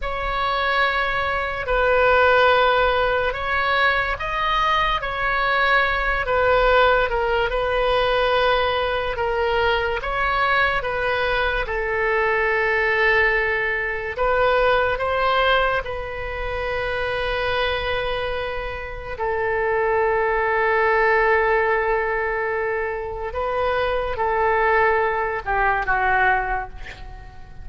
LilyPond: \new Staff \with { instrumentName = "oboe" } { \time 4/4 \tempo 4 = 72 cis''2 b'2 | cis''4 dis''4 cis''4. b'8~ | b'8 ais'8 b'2 ais'4 | cis''4 b'4 a'2~ |
a'4 b'4 c''4 b'4~ | b'2. a'4~ | a'1 | b'4 a'4. g'8 fis'4 | }